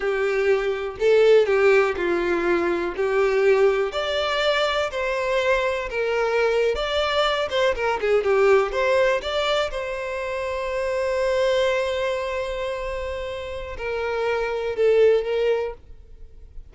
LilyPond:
\new Staff \with { instrumentName = "violin" } { \time 4/4 \tempo 4 = 122 g'2 a'4 g'4 | f'2 g'2 | d''2 c''2 | ais'4.~ ais'16 d''4. c''8 ais'16~ |
ais'16 gis'8 g'4 c''4 d''4 c''16~ | c''1~ | c''1 | ais'2 a'4 ais'4 | }